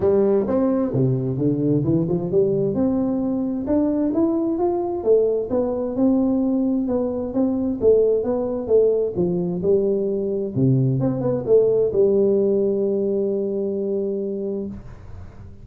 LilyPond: \new Staff \with { instrumentName = "tuba" } { \time 4/4 \tempo 4 = 131 g4 c'4 c4 d4 | e8 f8 g4 c'2 | d'4 e'4 f'4 a4 | b4 c'2 b4 |
c'4 a4 b4 a4 | f4 g2 c4 | c'8 b8 a4 g2~ | g1 | }